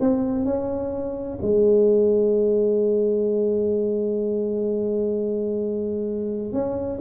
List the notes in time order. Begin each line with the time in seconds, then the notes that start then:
0.00 C4
0.45 C#4
1.41 G#3
6.52 C#4